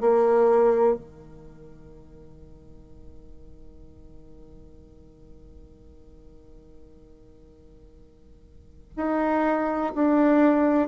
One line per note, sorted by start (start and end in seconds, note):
0.00 0.95 A#3
0.95 8.93 D#3
8.96 9.93 D#4
9.94 10.88 D4